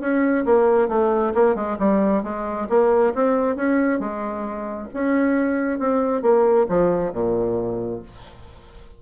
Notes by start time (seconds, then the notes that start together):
0.00 C#4
0.45 A#3
0.88 A3
1.34 A#3
1.55 G#3
1.78 G3
2.23 G#3
2.69 A#3
3.14 C4
3.56 C#4
3.99 G#3
4.93 C#4
5.79 C4
6.22 A#3
6.68 F3
7.13 A#2